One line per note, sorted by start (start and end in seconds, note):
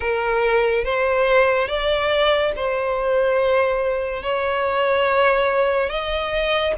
0.00 0.84 A#4
0.84 1.67 C5
1.67 2.52 D5
2.56 4.23 C5
4.23 5.89 C#5
5.89 6.74 D#5